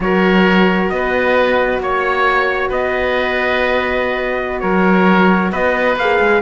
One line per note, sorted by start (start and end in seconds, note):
0.00 0.90 F#3
0.00 5.99 F#4
0.00 0.93 A#4
0.00 0.89 C#5
0.89 1.79 B3
0.89 1.82 B4
0.89 1.79 D#5
1.79 2.69 A#3
1.79 2.71 C#5
1.79 2.69 C#5
2.69 4.62 B3
2.69 4.61 B4
2.69 4.59 D#5
4.59 5.52 F#3
4.59 5.51 A#4
4.59 5.50 C#5
5.51 5.96 B3
5.51 6.41 B4
5.51 5.97 D#5
5.96 6.19 A#3
5.96 6.41 G#4
5.96 6.41 F5
6.19 6.41 G#3